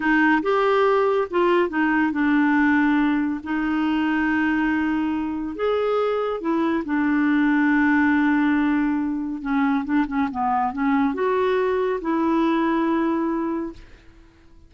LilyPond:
\new Staff \with { instrumentName = "clarinet" } { \time 4/4 \tempo 4 = 140 dis'4 g'2 f'4 | dis'4 d'2. | dis'1~ | dis'4 gis'2 e'4 |
d'1~ | d'2 cis'4 d'8 cis'8 | b4 cis'4 fis'2 | e'1 | }